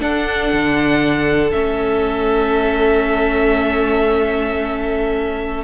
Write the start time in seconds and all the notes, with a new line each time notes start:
0.00 D4 A4 F#5
0.53 D3
1.51 A3 C#4 E5